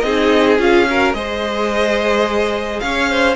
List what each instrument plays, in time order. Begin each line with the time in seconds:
0.00 cello C4, viola D#4, violin G#4 D#5
0.58 cello C#4, viola F4, violin F5
0.88 viola F#4, violin A#4
1.13 cello G#3, viola G#4, violin C5 D#5
2.80 cello C#4, violin C#5 F5
3.10 violin C5